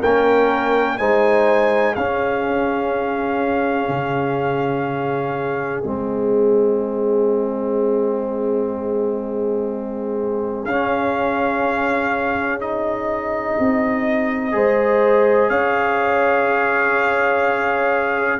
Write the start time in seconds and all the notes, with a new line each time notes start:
0.00 A#3 C#4 A#4 G5
0.98 G#3 D#4 C5 G#5
1.95 C#4 G#4 F5
3.89 C#3
5.82 G#3 C4 D#5
10.65 C#4 F5
12.61 D#4 D#5
13.59 C4
14.52 G#3 G#4 C5
15.50 C#4 C#5 F5